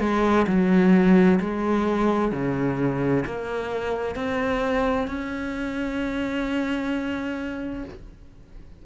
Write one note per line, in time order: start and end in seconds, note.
0.00 0.46 G#3
0.47 1.40 F#3
1.41 2.32 G#3
2.32 3.24 C#3
3.26 4.15 A#3
4.15 5.08 C4
5.08 7.85 C#4